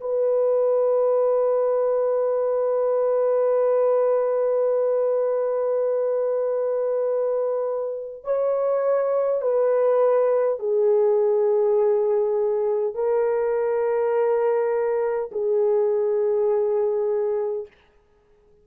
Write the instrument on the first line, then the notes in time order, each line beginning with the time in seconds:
horn
0.00 B4
8.24 C#5
9.41 B4
10.59 G#4
12.94 A#4
15.32 G#4